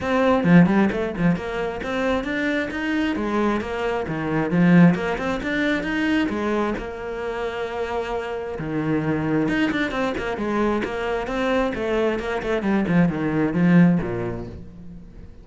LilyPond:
\new Staff \with { instrumentName = "cello" } { \time 4/4 \tempo 4 = 133 c'4 f8 g8 a8 f8 ais4 | c'4 d'4 dis'4 gis4 | ais4 dis4 f4 ais8 c'8 | d'4 dis'4 gis4 ais4~ |
ais2. dis4~ | dis4 dis'8 d'8 c'8 ais8 gis4 | ais4 c'4 a4 ais8 a8 | g8 f8 dis4 f4 ais,4 | }